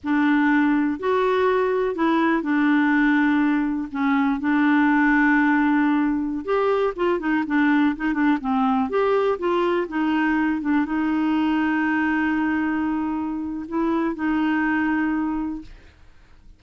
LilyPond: \new Staff \with { instrumentName = "clarinet" } { \time 4/4 \tempo 4 = 123 d'2 fis'2 | e'4 d'2. | cis'4 d'2.~ | d'4~ d'16 g'4 f'8 dis'8 d'8.~ |
d'16 dis'8 d'8 c'4 g'4 f'8.~ | f'16 dis'4. d'8 dis'4.~ dis'16~ | dis'1 | e'4 dis'2. | }